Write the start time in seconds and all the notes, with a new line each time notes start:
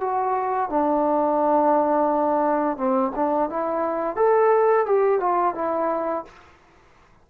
0.00 F#4
0.69 D4
2.77 C4
3.15 D4
3.49 E4
4.16 A4
4.86 G4
5.20 F4
5.55 E4